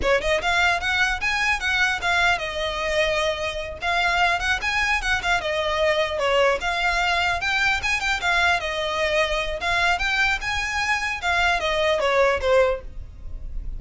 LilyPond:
\new Staff \with { instrumentName = "violin" } { \time 4/4 \tempo 4 = 150 cis''8 dis''8 f''4 fis''4 gis''4 | fis''4 f''4 dis''2~ | dis''4. f''4. fis''8 gis''8~ | gis''8 fis''8 f''8 dis''2 cis''8~ |
cis''8 f''2 g''4 gis''8 | g''8 f''4 dis''2~ dis''8 | f''4 g''4 gis''2 | f''4 dis''4 cis''4 c''4 | }